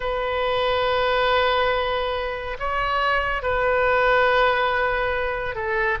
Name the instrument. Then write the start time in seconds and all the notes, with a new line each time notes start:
oboe
0.00 B4
2.59 C#5
3.42 B4
5.55 A4